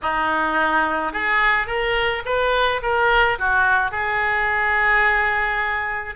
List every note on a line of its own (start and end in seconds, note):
0.02 1.12 D#4
1.12 1.66 G#4
1.66 2.23 A#4
2.25 2.81 B4
2.82 3.38 A#4
3.38 3.91 F#4
3.91 6.15 G#4